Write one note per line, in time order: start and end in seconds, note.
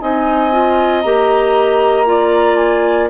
0.00 1.04 C4
0.00 0.52 D#4
0.00 2.07 D#5
0.00 1.01 G#5
0.52 1.03 F4
1.01 3.10 A#3
1.01 2.06 G4
1.01 2.56 A#5
2.06 3.09 F4
2.06 3.10 D5
2.56 3.08 G#5